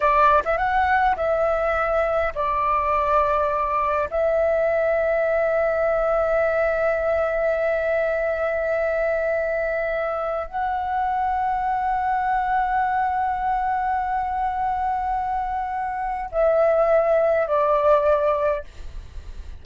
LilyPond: \new Staff \with { instrumentName = "flute" } { \time 4/4 \tempo 4 = 103 d''8. e''16 fis''4 e''2 | d''2. e''4~ | e''1~ | e''1~ |
e''2 fis''2~ | fis''1~ | fis''1 | e''2 d''2 | }